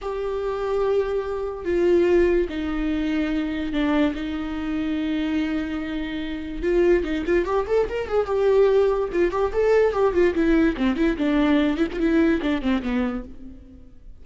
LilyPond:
\new Staff \with { instrumentName = "viola" } { \time 4/4 \tempo 4 = 145 g'1 | f'2 dis'2~ | dis'4 d'4 dis'2~ | dis'1 |
f'4 dis'8 f'8 g'8 a'8 ais'8 gis'8 | g'2 f'8 g'8 a'4 | g'8 f'8 e'4 c'8 e'8 d'4~ | d'8 e'16 f'16 e'4 d'8 c'8 b4 | }